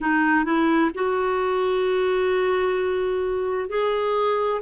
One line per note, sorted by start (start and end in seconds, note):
0.00 0.44 D#4
0.44 0.90 E4
0.94 3.69 F#4
3.69 4.61 G#4